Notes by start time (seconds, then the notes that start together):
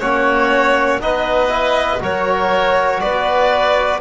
0.00 A#3 C#4 F#4 C#5
1.01 B3 D#4 B4 D#5
1.50 E4
2.00 F#3 F#4 A#4 C#5
3.00 B3 B4 D5